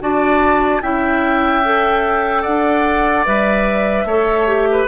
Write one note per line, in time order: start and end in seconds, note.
0.00 0.82 D4
0.00 0.81 F#4
0.00 0.82 D5
0.00 0.82 A5
0.82 2.45 C#4
0.82 1.63 E4
0.82 2.42 E5
0.82 2.43 G5
1.64 3.25 A4
2.42 3.26 D4
2.42 4.04 D5
2.42 3.24 F#5
3.25 4.04 G3
3.25 4.06 B4
3.25 4.87 E5
4.04 4.85 A3
4.04 4.47 A4
4.04 4.68 C#5
4.47 4.87 G4
4.71 4.87 B4